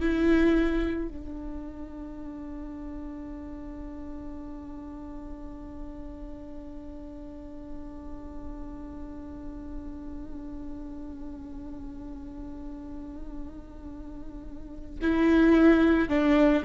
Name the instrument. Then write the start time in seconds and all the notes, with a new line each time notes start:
viola
0.00 E4
1.09 D4
15.01 E4
16.09 D4